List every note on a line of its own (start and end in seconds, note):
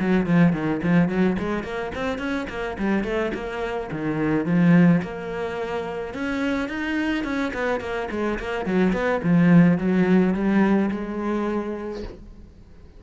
0.00 0.26 F#3
0.26 0.53 F3
0.53 0.81 D#3
0.83 1.09 F3
1.09 1.37 F#3
1.39 1.64 G#3
1.64 1.92 A#3
1.95 2.19 C4
2.19 2.47 C#4
2.50 2.78 A#3
2.79 3.04 G3
3.04 3.32 A3
3.34 3.90 A#3
3.92 4.46 D#3
4.46 5.02 F3
5.03 6.14 A#3
6.14 6.69 C#4
6.69 7.24 D#4
7.24 7.52 C#4
7.54 7.81 B3
7.81 8.09 A#3
8.11 8.39 G#3
8.39 8.66 A#3
8.66 8.93 F#3
8.93 9.21 B3
9.23 9.78 F3
9.78 10.34 F#3
10.34 10.90 G3
10.91 12.04 G#3